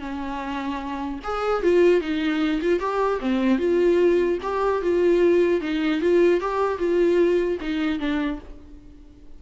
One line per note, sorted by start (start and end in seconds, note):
0.00 1.20 C#4
1.24 1.63 G#4
1.63 2.01 F4
2.01 2.61 D#4
2.62 2.80 F4
2.80 3.20 G4
3.21 3.59 C4
3.59 4.39 F4
4.43 4.83 G4
4.83 5.61 F4
5.61 6.01 D#4
6.01 6.41 F4
6.41 6.78 G4
6.78 7.58 F4
7.61 8.00 D#4
8.00 8.40 D4